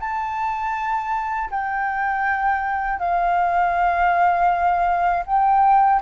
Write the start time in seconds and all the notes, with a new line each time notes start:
0.00 A5
1.50 G5
2.99 F5
5.26 G5